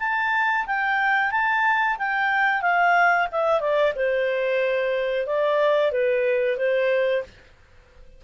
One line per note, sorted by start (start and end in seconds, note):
0.00 0.66 A5
0.67 1.31 G5
1.31 1.97 A5
1.99 2.62 G5
2.62 3.28 F5
3.32 3.61 E5
3.61 3.94 D5
3.96 5.27 C5
5.27 5.92 D5
5.92 6.58 B4
6.58 7.23 C5